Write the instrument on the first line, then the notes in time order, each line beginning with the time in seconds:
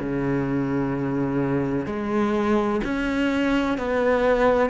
cello
0.00 C#3
1.86 G#3
2.85 C#4
3.78 B3